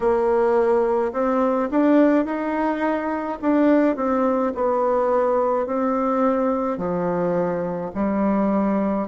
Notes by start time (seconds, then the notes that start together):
0.00 A#3
1.12 C4
1.70 D4
2.25 D#4
3.41 D4
3.96 C4
4.54 B3
5.66 C4
6.77 F3
7.95 G3